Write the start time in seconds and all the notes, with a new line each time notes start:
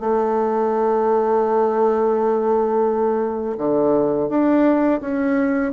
0.00 A3
3.58 D3
4.29 D4
5.01 C#4